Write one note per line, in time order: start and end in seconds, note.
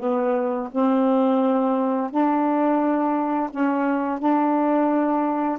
0.00 0.70 B3
0.72 2.11 C4
2.11 3.50 D4
3.51 4.19 C#4
4.19 5.59 D4